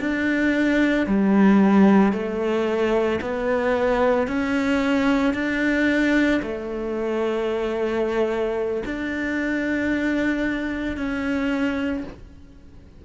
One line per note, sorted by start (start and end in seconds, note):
0.00 1.07 D4
1.07 2.13 G3
2.13 3.20 A3
3.21 4.27 B3
4.27 5.34 C#4
5.34 6.41 D4
6.42 8.83 A3
8.85 10.97 D4
10.97 12.04 C#4